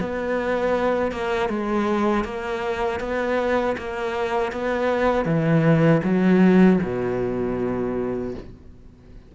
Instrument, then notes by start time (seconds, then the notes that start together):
cello
0.00 B3
1.12 A#3
1.49 G#3
2.25 A#3
3.00 B3
3.78 A#3
4.52 B3
5.25 E3
6.04 F#3
6.83 B2